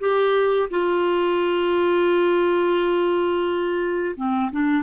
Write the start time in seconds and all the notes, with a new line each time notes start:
0.00 G4
0.70 F4
4.16 C4
4.51 D4